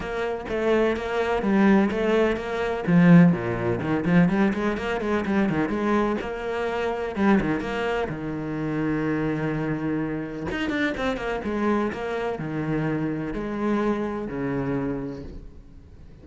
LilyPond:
\new Staff \with { instrumentName = "cello" } { \time 4/4 \tempo 4 = 126 ais4 a4 ais4 g4 | a4 ais4 f4 ais,4 | dis8 f8 g8 gis8 ais8 gis8 g8 dis8 | gis4 ais2 g8 dis8 |
ais4 dis2.~ | dis2 dis'8 d'8 c'8 ais8 | gis4 ais4 dis2 | gis2 cis2 | }